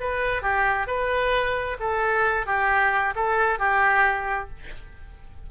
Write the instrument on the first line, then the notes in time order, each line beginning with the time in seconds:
oboe
0.00 B4
0.42 G4
0.87 B4
1.80 A4
2.46 G4
3.15 A4
3.59 G4